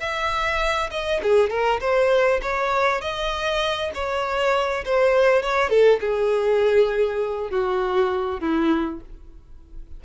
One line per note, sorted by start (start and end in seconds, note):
0.00 0.90 E5
0.91 1.21 D#5
1.23 1.50 G#4
1.50 1.80 A#4
1.81 2.41 C5
2.42 3.01 C#5
3.01 3.91 D#5
3.94 4.84 C#5
4.85 5.42 C5
5.42 5.69 C#5
5.69 5.99 A4
6.01 7.51 G#4
7.51 8.40 F#4
8.40 9.00 E4